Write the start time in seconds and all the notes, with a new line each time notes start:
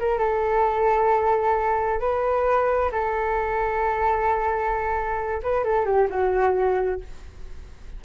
0.00 A#4
0.19 A4
2.00 B4
2.92 A4
5.43 B4
5.64 A4
5.86 G4
6.10 F#4